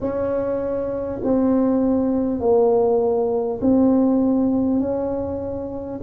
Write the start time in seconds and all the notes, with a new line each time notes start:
0.00 C#4
1.23 C4
2.40 A#3
3.61 C4
4.79 C#4